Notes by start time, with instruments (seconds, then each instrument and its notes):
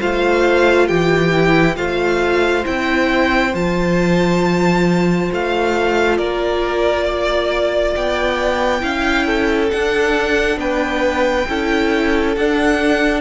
0.00 cello A3, viola F4, violin C5 F5
0.87 cello E3, violin G4 G5
1.33 viola E4
1.77 cello A3, viola F4, violin C5 F5
2.65 cello C4, viola E4, violin G5
3.54 cello F3, viola F4, violin A5
5.32 cello A3, violin F5
6.18 cello A#3, violin A#4 D5
7.05 violin D5
7.96 cello B3, violin G5
8.81 cello C#4, viola E4, violin F5
9.27 violin A4
9.71 viola D4, cello D4, violin F#5
10.57 cello B3, violin B4 G5
11.49 cello C#4, viola E4, violin A4
12.37 cello D4, viola D4, violin F#5